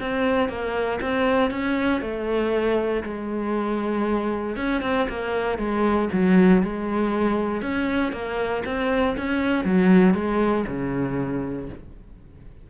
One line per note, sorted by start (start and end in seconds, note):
0.00 0.49 C4
0.49 1.00 A#3
1.01 1.50 C4
1.50 2.01 C#4
2.01 3.03 A3
3.03 4.56 G#3
4.56 4.81 C#4
4.82 5.07 C4
5.09 5.58 A#3
5.58 6.09 G#3
6.12 6.62 F#3
6.62 7.62 G#3
7.62 8.12 C#4
8.12 8.63 A#3
8.65 9.16 C4
9.17 9.64 C#4
9.64 10.14 F#3
10.14 10.65 G#3
10.67 11.69 C#3